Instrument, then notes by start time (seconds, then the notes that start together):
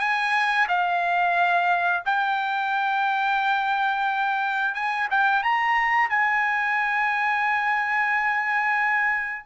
trumpet
0.00 G#5
0.69 F5
2.06 G5
4.75 G#5
5.11 G5
5.43 A#5
6.10 G#5